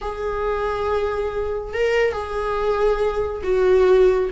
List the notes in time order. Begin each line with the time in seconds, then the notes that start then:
0.01 G#4
1.73 A#4
2.12 G#4
3.43 F#4